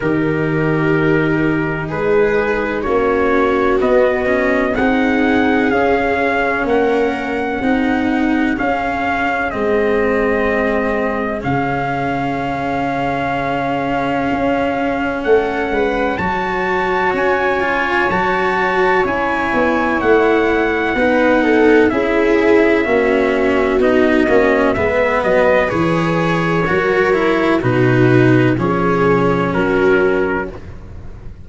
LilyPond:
<<
  \new Staff \with { instrumentName = "trumpet" } { \time 4/4 \tempo 4 = 63 ais'2 b'4 cis''4 | dis''4 fis''4 f''4 fis''4~ | fis''4 f''4 dis''2 | f''1 |
fis''4 a''4 gis''4 a''4 | gis''4 fis''2 e''4~ | e''4 dis''4 e''8 dis''8 cis''4~ | cis''4 b'4 cis''4 ais'4 | }
  \new Staff \with { instrumentName = "viola" } { \time 4/4 g'2 gis'4 fis'4~ | fis'4 gis'2 ais'4 | gis'1~ | gis'1 |
a'8 b'8 cis''2.~ | cis''2 b'8 a'8 gis'4 | fis'2 b'2 | ais'4 fis'4 gis'4 fis'4 | }
  \new Staff \with { instrumentName = "cello" } { \time 4/4 dis'2. cis'4 | b8 cis'8 dis'4 cis'2 | dis'4 cis'4 c'2 | cis'1~ |
cis'4 fis'4. f'8 fis'4 | e'2 dis'4 e'4 | cis'4 dis'8 cis'8 b4 gis'4 | fis'8 e'8 dis'4 cis'2 | }
  \new Staff \with { instrumentName = "tuba" } { \time 4/4 dis2 gis4 ais4 | b4 c'4 cis'4 ais4 | c'4 cis'4 gis2 | cis2. cis'4 |
a8 gis8 fis4 cis'4 fis4 | cis'8 b8 a4 b4 cis'4 | ais4 b8 ais8 gis8 fis8 e4 | fis4 b,4 f4 fis4 | }
>>